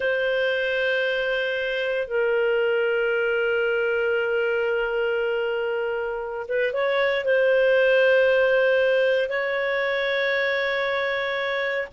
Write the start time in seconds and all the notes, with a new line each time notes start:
0.00 C5
2.07 A#4
6.48 B4
6.73 C#5
7.25 C5
9.29 C#5